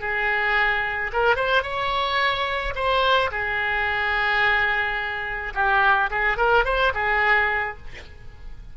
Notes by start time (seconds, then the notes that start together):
0.00 G#4
1.12 A#4
1.36 C5
1.63 C#5
2.75 C5
3.31 G#4
5.54 G4
6.10 G#4
6.37 A#4
6.65 C5
6.94 G#4